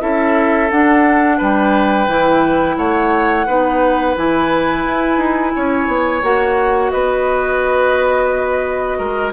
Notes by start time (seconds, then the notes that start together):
0.00 C#4 E4 A4 E5
0.70 D4 F#5
1.38 G3 B4 G5
2.08 E3 E4
2.77 A3 C#5 F#5
3.46 B3 D#4 B4
4.16 E3 E4 G#5
4.86 E4
5.17 D#4
5.56 C#4 C#5
5.88 B3
6.23 A#3 F#4 F#5
6.91 B3 B4 D#5
8.98 G#3 A#4